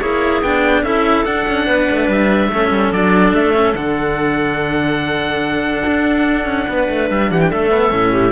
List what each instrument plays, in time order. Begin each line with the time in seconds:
0.00 cello A#3 E4, clarinet G#4, oboe C#5
0.42 cello B3 D4, oboe G5
0.82 cello C#4 E4, clarinet A4, oboe E5
1.25 cello D4, oboe F#5
1.47 cello C#4
1.66 cello B3, clarinet B4
1.91 cello A3
2.08 cello G3, oboe E5
2.49 cello A3 C#4, clarinet A4
2.70 cello G3
2.92 cello F#3 D4, oboe D5
3.33 cello A3, oboe E5
3.54 cello C#4
3.74 cello D3 D4, oboe F#5
5.86 cello D4
6.45 cello C#4
6.68 cello B3, clarinet B4
6.89 cello A3
7.10 cello G3, oboe E5
7.30 cello E3, clarinet G4, oboe F#5
7.41 oboe G5
7.50 cello A3, clarinet A4, oboe E5
7.70 cello B3
7.90 cello A2 C#4
8.12 clarinet G4